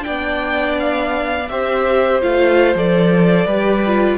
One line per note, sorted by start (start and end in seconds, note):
0.00 1.50 B3
0.00 1.45 D4
0.00 0.76 G5
0.07 1.51 D5
0.79 1.49 F5
1.49 2.23 C4
1.49 2.22 G4
1.49 3.47 C5
1.49 2.21 E5
2.22 2.75 A3
2.22 2.75 F4
2.22 2.77 F5
2.75 3.46 F3
2.75 3.48 A4
2.75 4.18 D5
3.46 4.18 G3
3.46 3.84 G4
3.46 4.18 B4
3.86 4.18 F4